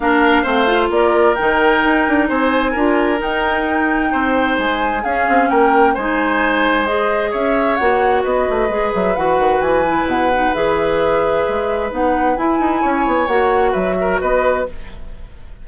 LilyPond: <<
  \new Staff \with { instrumentName = "flute" } { \time 4/4 \tempo 4 = 131 f''2 d''4 g''4~ | g''4 gis''2 g''4~ | g''2 gis''4 f''4 | g''4 gis''2 dis''4 |
e''4 fis''4 dis''4. e''8 | fis''4 gis''4 fis''4 e''4~ | e''2 fis''4 gis''4~ | gis''4 fis''4 e''4 dis''4 | }
  \new Staff \with { instrumentName = "oboe" } { \time 4/4 ais'4 c''4 ais'2~ | ais'4 c''4 ais'2~ | ais'4 c''2 gis'4 | ais'4 c''2. |
cis''2 b'2~ | b'1~ | b'1 | cis''2 b'8 ais'8 b'4 | }
  \new Staff \with { instrumentName = "clarinet" } { \time 4/4 d'4 c'8 f'4. dis'4~ | dis'2 f'4 dis'4~ | dis'2. cis'4~ | cis'4 dis'2 gis'4~ |
gis'4 fis'2 gis'4 | fis'4. e'4 dis'8 gis'4~ | gis'2 dis'4 e'4~ | e'4 fis'2. | }
  \new Staff \with { instrumentName = "bassoon" } { \time 4/4 ais4 a4 ais4 dis4 | dis'8 d'8 c'4 d'4 dis'4~ | dis'4 c'4 gis4 cis'8 c'8 | ais4 gis2. |
cis'4 ais4 b8 a8 gis8 fis8 | e8 dis8 e4 b,4 e4~ | e4 gis4 b4 e'8 dis'8 | cis'8 b8 ais4 fis4 b4 | }
>>